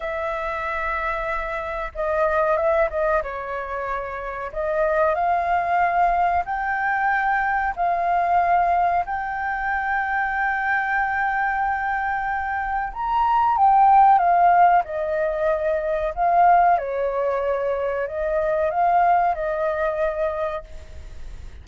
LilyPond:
\new Staff \with { instrumentName = "flute" } { \time 4/4 \tempo 4 = 93 e''2. dis''4 | e''8 dis''8 cis''2 dis''4 | f''2 g''2 | f''2 g''2~ |
g''1 | ais''4 g''4 f''4 dis''4~ | dis''4 f''4 cis''2 | dis''4 f''4 dis''2 | }